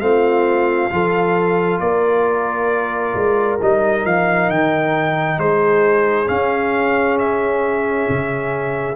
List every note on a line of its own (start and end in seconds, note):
0.00 0.90 A3
0.00 0.90 C4
0.00 0.92 F4
0.00 1.79 F5
0.90 1.80 F3
0.90 3.59 F4
0.90 1.82 A4
1.79 3.14 A#3
1.79 5.39 A#4
1.79 3.59 D5
3.14 3.59 G#3
3.61 4.05 G3
3.61 6.26 D#4
3.61 4.06 D#5
4.05 4.49 F3
4.05 4.49 F5
4.49 5.38 D#3
4.49 5.39 G5
5.38 6.28 G#3
5.38 8.96 G#4
5.38 6.28 C5
6.26 8.94 C#4
6.26 8.07 C#4
6.26 7.17 F5
7.18 8.96 E5
8.09 8.96 C#3